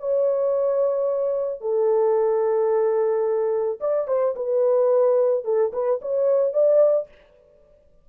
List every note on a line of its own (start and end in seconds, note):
0.00 1.61 C#5
1.61 3.79 A4
3.81 4.08 D5
4.08 4.35 C5
4.36 5.44 B4
5.44 5.72 A4
5.73 6.00 B4
6.02 6.54 C#5
6.54 7.08 D5